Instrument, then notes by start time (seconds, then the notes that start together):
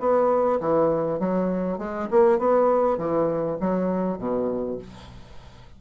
bassoon
0.00 B3
0.61 E3
1.20 F#3
1.79 G#3
2.11 A#3
2.39 B3
2.98 E3
3.60 F#3
4.19 B2